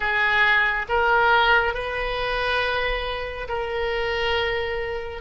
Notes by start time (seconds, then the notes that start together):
0.00 G#4
0.89 A#4
1.74 B4
3.48 A#4